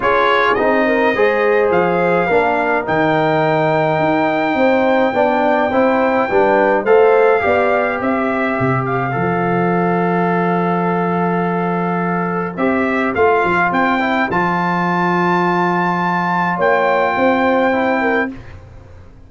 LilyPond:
<<
  \new Staff \with { instrumentName = "trumpet" } { \time 4/4 \tempo 4 = 105 cis''4 dis''2 f''4~ | f''4 g''2.~ | g''1 | f''2 e''4. f''8~ |
f''1~ | f''2 e''4 f''4 | g''4 a''2.~ | a''4 g''2. | }
  \new Staff \with { instrumentName = "horn" } { \time 4/4 gis'4. ais'8 c''2 | ais'1 | c''4 d''4 c''4 b'4 | c''4 d''4 c''2~ |
c''1~ | c''1~ | c''1~ | c''4 cis''4 c''4. ais'8 | }
  \new Staff \with { instrumentName = "trombone" } { \time 4/4 f'4 dis'4 gis'2 | d'4 dis'2.~ | dis'4 d'4 e'4 d'4 | a'4 g'2. |
a'1~ | a'2 g'4 f'4~ | f'8 e'8 f'2.~ | f'2. e'4 | }
  \new Staff \with { instrumentName = "tuba" } { \time 4/4 cis'4 c'4 gis4 f4 | ais4 dis2 dis'4 | c'4 b4 c'4 g4 | a4 b4 c'4 c4 |
f1~ | f2 c'4 a8 f8 | c'4 f2.~ | f4 ais4 c'2 | }
>>